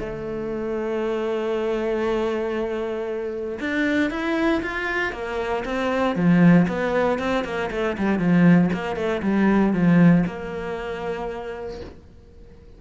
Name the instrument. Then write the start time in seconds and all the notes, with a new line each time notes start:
cello
0.00 A3
3.60 D4
4.11 E4
4.63 F4
5.13 A#3
5.65 C4
6.16 F3
6.68 B3
7.19 C4
7.45 A#3
7.71 A3
7.98 G3
8.19 F3
8.73 A#3
8.96 A3
9.23 G3
9.73 F3
10.27 A#3